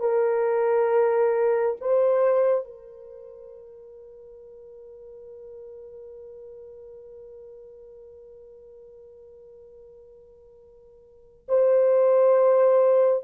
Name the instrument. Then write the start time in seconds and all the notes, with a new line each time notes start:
horn
0.00 A#4
1.80 C5
2.64 A#4
11.48 C5